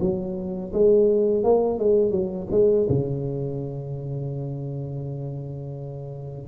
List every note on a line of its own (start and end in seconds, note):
0.00 0.72 F#3
0.73 1.43 G#3
1.43 1.78 A#3
1.78 2.11 G#3
2.11 2.47 F#3
2.51 2.87 G#3
2.89 6.48 C#3